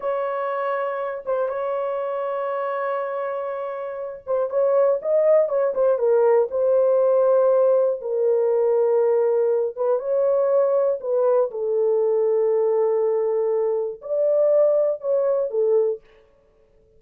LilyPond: \new Staff \with { instrumentName = "horn" } { \time 4/4 \tempo 4 = 120 cis''2~ cis''8 c''8 cis''4~ | cis''1~ | cis''8 c''8 cis''4 dis''4 cis''8 c''8 | ais'4 c''2. |
ais'2.~ ais'8 b'8 | cis''2 b'4 a'4~ | a'1 | d''2 cis''4 a'4 | }